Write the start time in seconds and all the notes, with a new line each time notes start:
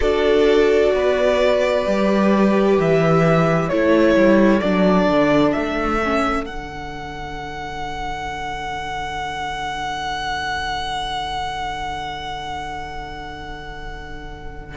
0.00 D4 F#4 A4 D5
0.94 B3 B4
1.85 G3 G4
2.77 E3 E5
3.68 A3 E4 A4 C#5
4.15 G3
4.60 F#3 D4 D5
5.07 D3
5.52 A3 E5
6.03 C#4
6.45 D3 D4 F#5